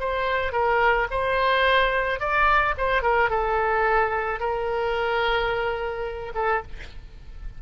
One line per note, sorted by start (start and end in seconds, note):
0.00 0.52 C5
0.52 1.07 A#4
1.10 2.20 C5
2.20 2.75 D5
2.77 3.02 C5
3.02 3.30 A#4
3.30 4.40 A4
4.40 6.33 A#4
6.35 6.62 A4